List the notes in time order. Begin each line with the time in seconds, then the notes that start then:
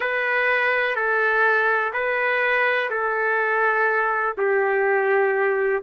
0.00 B4
0.95 A4
1.93 B4
2.90 A4
4.37 G4